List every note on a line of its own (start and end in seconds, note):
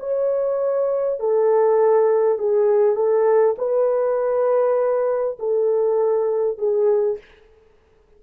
0.00 1.20 C#5
1.20 2.39 A4
2.39 2.96 G#4
2.96 3.56 A4
3.59 5.39 B4
5.39 6.59 A4
6.59 7.19 G#4